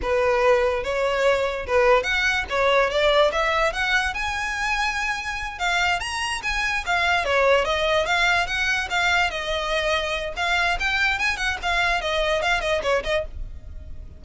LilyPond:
\new Staff \with { instrumentName = "violin" } { \time 4/4 \tempo 4 = 145 b'2 cis''2 | b'4 fis''4 cis''4 d''4 | e''4 fis''4 gis''2~ | gis''4. f''4 ais''4 gis''8~ |
gis''8 f''4 cis''4 dis''4 f''8~ | f''8 fis''4 f''4 dis''4.~ | dis''4 f''4 g''4 gis''8 fis''8 | f''4 dis''4 f''8 dis''8 cis''8 dis''8 | }